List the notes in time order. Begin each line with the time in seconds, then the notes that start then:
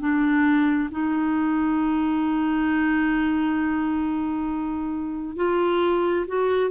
0.00 D4
0.91 D#4
5.36 F4
6.27 F#4